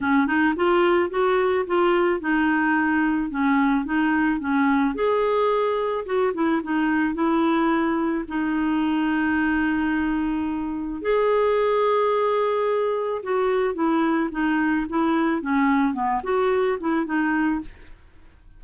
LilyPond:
\new Staff \with { instrumentName = "clarinet" } { \time 4/4 \tempo 4 = 109 cis'8 dis'8 f'4 fis'4 f'4 | dis'2 cis'4 dis'4 | cis'4 gis'2 fis'8 e'8 | dis'4 e'2 dis'4~ |
dis'1 | gis'1 | fis'4 e'4 dis'4 e'4 | cis'4 b8 fis'4 e'8 dis'4 | }